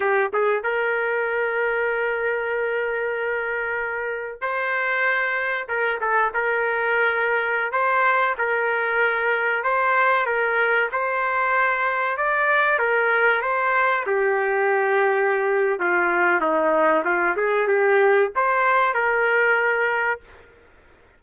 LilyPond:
\new Staff \with { instrumentName = "trumpet" } { \time 4/4 \tempo 4 = 95 g'8 gis'8 ais'2.~ | ais'2. c''4~ | c''4 ais'8 a'8 ais'2~ | ais'16 c''4 ais'2 c''8.~ |
c''16 ais'4 c''2 d''8.~ | d''16 ais'4 c''4 g'4.~ g'16~ | g'4 f'4 dis'4 f'8 gis'8 | g'4 c''4 ais'2 | }